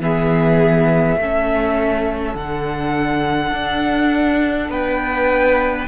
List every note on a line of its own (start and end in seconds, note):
0.00 1.16 E3
0.00 1.18 B3
0.00 1.20 G#4
0.00 2.35 E5
1.16 2.34 A3
1.16 2.37 C#4
1.16 4.70 A4
2.35 3.52 D3
2.35 5.88 D4
2.35 4.71 F#5
3.52 4.69 D4
4.69 5.86 B3
4.69 5.88 B4
4.69 5.88 G5